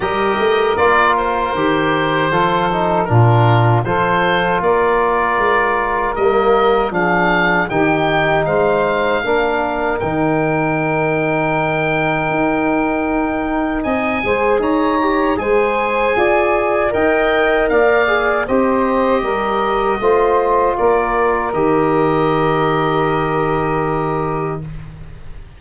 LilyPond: <<
  \new Staff \with { instrumentName = "oboe" } { \time 4/4 \tempo 4 = 78 dis''4 d''8 c''2~ c''8 | ais'4 c''4 d''2 | dis''4 f''4 g''4 f''4~ | f''4 g''2.~ |
g''2 gis''4 ais''4 | gis''2 g''4 f''4 | dis''2. d''4 | dis''1 | }
  \new Staff \with { instrumentName = "saxophone" } { \time 4/4 ais'2. a'4 | f'4 a'4 ais'2~ | ais'4 gis'4 g'4 c''4 | ais'1~ |
ais'2 dis''8 c''8 cis''4 | c''4 d''4 dis''4 d''4 | c''4 ais'4 c''4 ais'4~ | ais'1 | }
  \new Staff \with { instrumentName = "trombone" } { \time 4/4 g'4 f'4 g'4 f'8 dis'8 | d'4 f'2. | ais4 d'4 dis'2 | d'4 dis'2.~ |
dis'2~ dis'8 gis'4 g'8 | gis'2 ais'4. gis'8 | g'2 f'2 | g'1 | }
  \new Staff \with { instrumentName = "tuba" } { \time 4/4 g8 a8 ais4 dis4 f4 | ais,4 f4 ais4 gis4 | g4 f4 dis4 gis4 | ais4 dis2. |
dis'2 c'8 gis8 dis'4 | gis4 f'4 dis'4 ais4 | c'4 g4 a4 ais4 | dis1 | }
>>